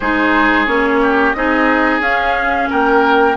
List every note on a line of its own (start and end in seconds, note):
0.00 0.67 G#3
0.00 0.66 D#4
0.00 1.01 G#4
0.00 0.66 C5
0.66 1.34 A#3
0.66 1.34 C#4
0.66 1.32 C#5
1.02 1.36 G4
1.32 1.99 C4
1.32 2.01 D#4
1.32 2.69 G#4
1.32 2.00 D#5
1.99 2.67 C#4
1.99 3.36 C#4
1.99 2.69 F5
2.69 3.36 A#3
2.69 3.36 A#4
2.69 3.36 G5